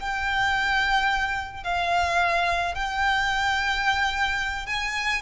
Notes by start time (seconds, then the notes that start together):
0.00 G5
1.63 F5
2.75 G5
4.66 G#5